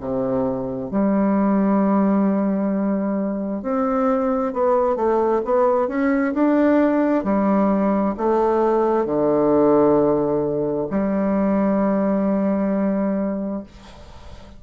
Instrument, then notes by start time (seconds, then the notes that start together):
bassoon
0.00 C3
0.90 G3
3.62 C4
4.53 B3
4.96 A3
5.44 B3
5.88 C#4
6.33 D4
7.24 G3
8.17 A3
9.05 D3
10.90 G3